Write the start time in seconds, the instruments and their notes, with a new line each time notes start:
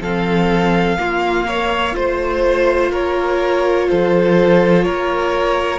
0.00 cello F3, viola C4, violin A4 F5
0.98 viola A#3, cello A#3, violin F4
1.47 violin C#5
1.93 cello A3, viola F4, violin C5
2.91 cello A#3, violin A#4 C#5
3.89 cello F3, violin A4 C5
4.83 cello A#3, violin A#4 C#5